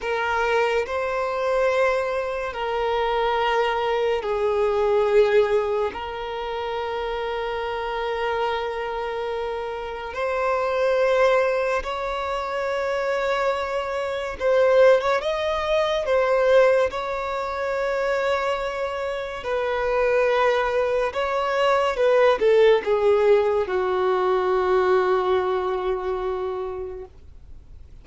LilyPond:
\new Staff \with { instrumentName = "violin" } { \time 4/4 \tempo 4 = 71 ais'4 c''2 ais'4~ | ais'4 gis'2 ais'4~ | ais'1 | c''2 cis''2~ |
cis''4 c''8. cis''16 dis''4 c''4 | cis''2. b'4~ | b'4 cis''4 b'8 a'8 gis'4 | fis'1 | }